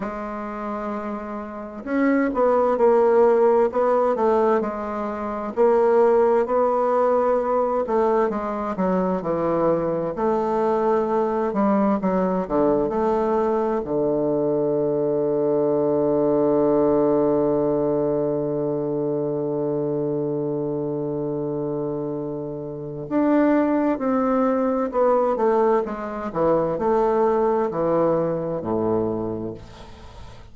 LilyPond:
\new Staff \with { instrumentName = "bassoon" } { \time 4/4 \tempo 4 = 65 gis2 cis'8 b8 ais4 | b8 a8 gis4 ais4 b4~ | b8 a8 gis8 fis8 e4 a4~ | a8 g8 fis8 d8 a4 d4~ |
d1~ | d1~ | d4 d'4 c'4 b8 a8 | gis8 e8 a4 e4 a,4 | }